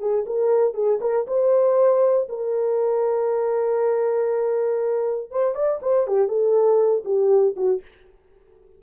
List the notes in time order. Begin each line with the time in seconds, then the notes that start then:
0.00 G#4
0.26 A#4
0.74 G#4
1.01 A#4
1.28 C5
2.29 A#4
5.31 C5
5.55 D5
5.82 C5
6.08 G4
6.28 A4
7.05 G4
7.57 F#4